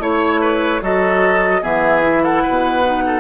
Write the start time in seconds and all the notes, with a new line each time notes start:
0.00 A3 E4 C#5
0.41 B4
0.81 F#3 F#4 A4 D#5
1.62 E3 B3 G#4 E5
2.02 E4
2.24 A4 F#5
2.43 B2 B4
2.85 D#4
3.06 A4